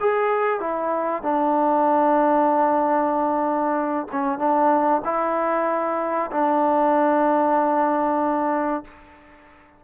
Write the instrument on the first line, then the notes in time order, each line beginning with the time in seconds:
trombone
0.00 G#4
0.60 E4
1.23 D4
4.12 C#4
4.39 D4
5.04 E4
6.32 D4